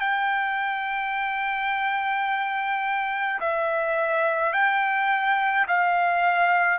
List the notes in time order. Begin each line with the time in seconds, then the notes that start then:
0.00 G5
3.40 E5
4.53 G5
5.68 F5